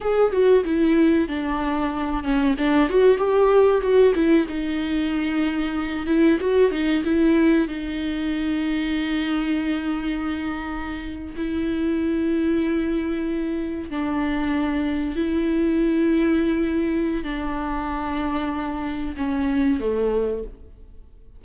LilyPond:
\new Staff \with { instrumentName = "viola" } { \time 4/4 \tempo 4 = 94 gis'8 fis'8 e'4 d'4. cis'8 | d'8 fis'8 g'4 fis'8 e'8 dis'4~ | dis'4. e'8 fis'8 dis'8 e'4 | dis'1~ |
dis'4.~ dis'16 e'2~ e'16~ | e'4.~ e'16 d'2 e'16~ | e'2. d'4~ | d'2 cis'4 a4 | }